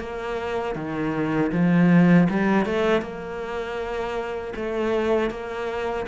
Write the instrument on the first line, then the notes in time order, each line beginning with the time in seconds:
cello
0.00 A#3
0.76 D#3
1.52 F3
2.30 G3
2.66 A3
3.02 A#3
4.56 A3
5.30 A#3